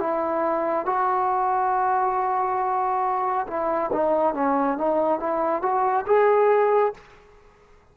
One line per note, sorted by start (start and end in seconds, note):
0.00 0.86 E4
0.86 3.47 F#4
3.47 3.91 E4
3.93 4.34 D#4
4.34 4.78 C#4
4.78 5.20 D#4
5.20 5.62 E4
5.62 6.06 F#4
6.07 6.94 G#4